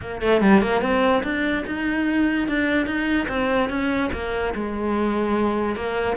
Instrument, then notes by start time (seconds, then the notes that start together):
cello
0.01 A#3
0.21 A3
0.41 G3
0.61 A#3
0.81 C4
1.23 D4
1.66 D#4
2.48 D4
2.86 D#4
3.28 C4
3.69 C#4
4.12 A#3
4.54 G#3
5.76 A#3